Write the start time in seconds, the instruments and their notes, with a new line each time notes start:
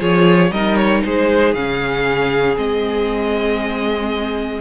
0.00 cello F3, viola F4, violin G#4 C#5
0.51 cello G3, viola D#4, violin A#4 D#5
0.76 violin C#5
1.04 cello G#3, violin G#4 C5
1.54 cello C#3, viola C#4, violin F5
2.57 cello G#3, viola C4, violin D#5